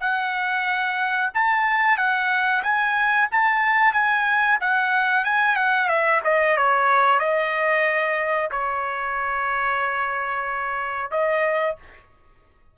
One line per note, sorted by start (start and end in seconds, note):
0.00 1.30 F#5
1.34 1.97 A5
1.97 2.62 F#5
2.63 3.28 G#5
3.31 3.93 A5
3.93 4.58 G#5
4.61 5.24 F#5
5.24 5.56 G#5
5.56 5.88 F#5
5.88 6.20 E5
6.24 6.57 D#5
6.57 7.19 C#5
7.19 8.50 D#5
8.51 11.11 C#5
11.11 11.76 D#5